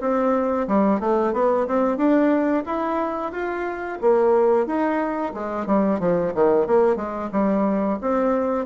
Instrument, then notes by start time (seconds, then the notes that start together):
bassoon
0.00 C4
0.68 G3
1.00 A3
1.33 B3
1.67 C4
1.97 D4
2.66 E4
3.32 F4
4.01 A#3
4.66 D#4
5.34 G#3
5.66 G3
5.99 F3
6.34 D#3
6.66 A#3
6.96 G#3
7.32 G3
8.01 C4